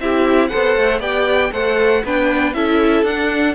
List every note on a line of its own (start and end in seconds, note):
0.00 0.51 C4
0.00 0.51 E4
0.00 0.50 G4
0.00 0.48 E5
0.48 0.77 B3
0.48 1.00 A4
0.48 1.01 C5
0.48 0.99 F#5
0.77 1.00 A3
1.00 1.51 B3
1.00 1.51 G4
1.00 1.51 D5
1.00 1.53 G5
1.52 2.04 A3
1.52 2.04 A4
1.52 2.03 C5
1.52 2.04 F#5
2.04 2.54 B3
2.04 2.55 D4
2.04 2.55 B4
2.04 2.53 G5
2.53 3.03 C#4
2.53 3.06 E4
2.53 3.55 A4
2.53 3.04 E5
3.03 3.54 D4
3.03 3.55 D4
3.03 3.55 F#5